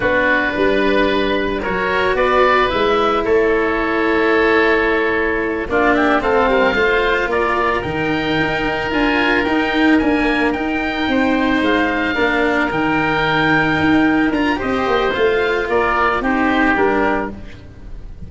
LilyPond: <<
  \new Staff \with { instrumentName = "oboe" } { \time 4/4 \tempo 4 = 111 b'2. cis''4 | d''4 e''4 cis''2~ | cis''2~ cis''8 d''8 e''8 f''8~ | f''4. d''4 g''4.~ |
g''8 gis''4 g''4 gis''4 g''8~ | g''4. f''2 g''8~ | g''2~ g''8 ais''8 dis''4 | f''4 d''4 c''4 ais'4 | }
  \new Staff \with { instrumentName = "oboe" } { \time 4/4 fis'4 b'2 ais'4 | b'2 a'2~ | a'2~ a'8 f'8 g'8 a'8 | ais'8 c''4 ais'2~ ais'8~ |
ais'1~ | ais'8 c''2 ais'4.~ | ais'2. c''4~ | c''4 ais'4 g'2 | }
  \new Staff \with { instrumentName = "cello" } { \time 4/4 d'2. fis'4~ | fis'4 e'2.~ | e'2~ e'8 d'4 c'8~ | c'8 f'2 dis'4.~ |
dis'8 f'4 dis'4 ais4 dis'8~ | dis'2~ dis'8 d'4 dis'8~ | dis'2~ dis'8 f'8 g'4 | f'2 dis'4 d'4 | }
  \new Staff \with { instrumentName = "tuba" } { \time 4/4 b4 g2 fis4 | b4 gis4 a2~ | a2~ a8 ais4 a8 | g8 a4 ais4 dis4 dis'8~ |
dis'8 d'4 dis'4 d'4 dis'8~ | dis'8 c'4 gis4 ais4 dis8~ | dis4. dis'4 d'8 c'8 ais8 | a4 ais4 c'4 g4 | }
>>